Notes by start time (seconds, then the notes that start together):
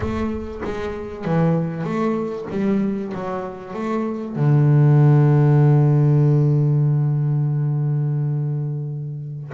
0.00 A3
0.64 G#3
1.24 E3
1.84 A3
2.50 G3
3.14 F#3
3.73 A3
4.35 D3